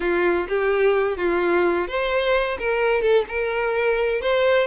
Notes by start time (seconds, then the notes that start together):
0.00 F4
0.48 G4
1.17 F4
1.87 C5
2.58 A#4
3.01 A4
3.28 A#4
4.21 C5